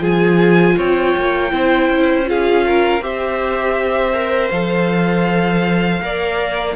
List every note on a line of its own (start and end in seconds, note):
0.00 0.75 F3
0.00 1.50 F4
0.00 0.76 G#4
0.00 0.78 G#5
0.77 1.16 C4
0.77 1.52 C#5
0.77 2.29 G5
1.16 1.53 A#3
1.50 1.89 C4
1.50 2.25 E4
1.50 2.29 C5
1.89 3.00 C#4
2.25 3.00 F4
2.25 2.66 G#4
2.25 3.03 F5
2.66 3.03 A#4
3.00 4.50 C4
3.00 4.14 G4
3.00 6.03 C5
3.00 4.50 E5
4.14 4.51 A#4
4.50 6.01 F3
4.50 6.02 A4
4.50 6.75 F5
6.01 6.76 A#3
6.01 6.76 A#4
6.01 6.76 D5